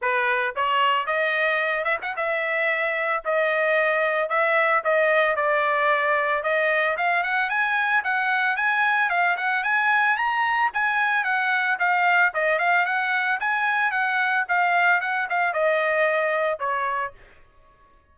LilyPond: \new Staff \with { instrumentName = "trumpet" } { \time 4/4 \tempo 4 = 112 b'4 cis''4 dis''4. e''16 fis''16 | e''2 dis''2 | e''4 dis''4 d''2 | dis''4 f''8 fis''8 gis''4 fis''4 |
gis''4 f''8 fis''8 gis''4 ais''4 | gis''4 fis''4 f''4 dis''8 f''8 | fis''4 gis''4 fis''4 f''4 | fis''8 f''8 dis''2 cis''4 | }